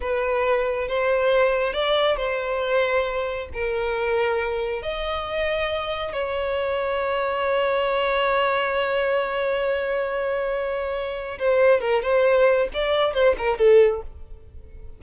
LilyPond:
\new Staff \with { instrumentName = "violin" } { \time 4/4 \tempo 4 = 137 b'2 c''2 | d''4 c''2. | ais'2. dis''4~ | dis''2 cis''2~ |
cis''1~ | cis''1~ | cis''2 c''4 ais'8 c''8~ | c''4 d''4 c''8 ais'8 a'4 | }